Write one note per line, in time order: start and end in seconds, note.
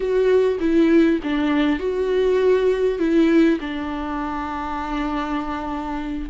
0.00 0.58 F#4
0.60 1.20 E4
1.23 1.79 D4
1.79 2.98 F#4
2.98 3.58 E4
3.60 6.29 D4